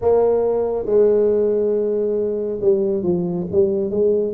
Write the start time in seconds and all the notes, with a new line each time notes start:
0.01 A#3
0.85 G#3
2.61 G3
3.02 F3
3.51 G3
3.90 G#3